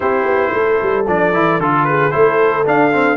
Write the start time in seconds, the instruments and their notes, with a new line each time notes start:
0.00 tuba C4, trombone E4, horn G4, trumpet C5
0.25 tuba B3
0.53 tuba A3, horn A4
0.82 tuba G3
1.07 tuba F3, trombone D4, trumpet D5
1.33 tuba E3, trombone E4
1.59 tuba D3, trombone F4, trumpet A4
1.84 horn G#4, trumpet B4
2.11 tuba A3, trombone E4, horn A4, trumpet C5
2.65 trombone D4, tuba D4, trumpet F5
2.92 trombone C4